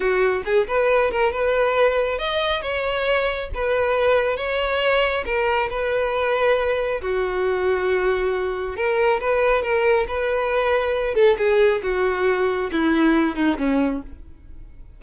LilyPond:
\new Staff \with { instrumentName = "violin" } { \time 4/4 \tempo 4 = 137 fis'4 gis'8 b'4 ais'8 b'4~ | b'4 dis''4 cis''2 | b'2 cis''2 | ais'4 b'2. |
fis'1 | ais'4 b'4 ais'4 b'4~ | b'4. a'8 gis'4 fis'4~ | fis'4 e'4. dis'8 cis'4 | }